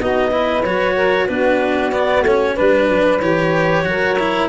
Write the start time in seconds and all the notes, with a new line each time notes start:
0.00 B3 D#4 F#4 D#5
0.30 E4 B4
0.64 F#3 F#4 C#5
0.95 A#4
1.27 B3 D4 F#4 B4
1.92 B3 D5
2.22 A3 C#4 C#5
2.55 G3 D4 B4
2.90 F#3
3.20 E3 G4 C#5
3.83 F#3 F#4 A#4
4.19 E4